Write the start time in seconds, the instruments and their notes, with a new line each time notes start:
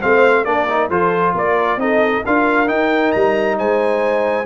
0.00 tuba A3, trombone C4, horn C5, trumpet F5
0.45 tuba A#3, trombone D4, horn A#4, trumpet D5
0.68 trombone D#4
0.89 tuba F3, trombone F4, horn A4, trumpet C5
1.35 tuba A#3, horn A#4, trumpet D5
1.77 tuba C4, trombone D#4, horn A4, trumpet D#5
2.24 tuba D4, trombone F4, horn A#4, trumpet F5
2.67 trombone D#4, tuba D#4, trumpet G5
3.12 tuba G3, trumpet A#5
3.58 tuba G#3, horn C5, trumpet G#5